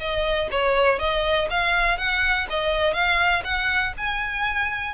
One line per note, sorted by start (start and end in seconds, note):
0.00 0.49 D#5
0.52 0.99 C#5
0.99 1.49 D#5
1.51 1.98 F5
1.98 2.47 F#5
2.50 2.94 D#5
2.94 3.43 F5
3.45 3.94 F#5
3.98 4.95 G#5